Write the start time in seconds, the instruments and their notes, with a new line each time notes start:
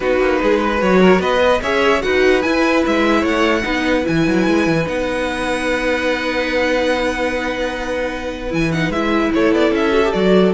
0.00 cello B3, viola D#4, violin F#4 B4
0.19 cello A#3
0.42 cello G#3, violin G#4
0.59 violin B4
0.78 cello F#3, viola F#4, violin C#5
1.01 violin A#4
1.19 cello B3, violin B4 D#5
1.41 viola B4
1.62 cello C#4, viola G#4, violin C#5 E5
2.01 cello D#4, viola F#4, violin B4 F#5
2.42 viola E4, cello E4, violin G#5
2.86 cello G#3, violin E5
3.20 cello A3, violin C#5 F#5
3.62 cello B3, viola D#4, violin B4
4.03 cello E3, viola E4, violin G#5
4.27 cello F#3
4.47 cello G#3
4.66 cello E3
4.85 cello B3, viola D#4, violin F#5
8.49 cello E3, viola E4, violin G#5
8.71 viola D#4, violin F#5
8.89 cello G#3, viola E4, violin E5
9.33 cello A3, violin A4 C#5
9.52 cello B3, violin D5
9.71 cello C#4, violin E5
9.91 viola F#4
10.04 viola G4
10.12 cello F#3, viola F#4, violin D5